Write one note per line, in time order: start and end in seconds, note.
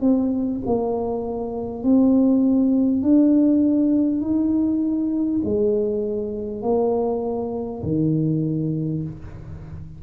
0.00 0.60 C4
0.65 1.83 A#3
1.83 3.02 C4
3.02 4.21 D4
4.21 5.41 D#4
5.44 6.62 G#3
6.62 7.82 A#3
7.82 9.02 D#3